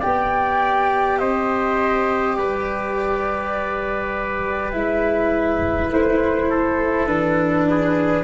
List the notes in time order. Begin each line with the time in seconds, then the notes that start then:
0.00 B3 G4 D5 G5
1.19 C4 C5 D#5
2.36 G3 B4 D5
4.72 G#3 E4 E5
5.90 A3 C5
6.50 A4
7.06 E3 D4 B4
7.70 G#4